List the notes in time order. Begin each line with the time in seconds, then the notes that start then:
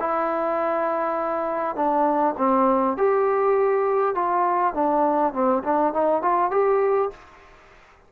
0.00 E4
1.76 D4
2.38 C4
2.98 G4
4.15 F4
4.74 D4
5.34 C4
5.64 D4
5.94 D#4
6.23 F4
6.51 G4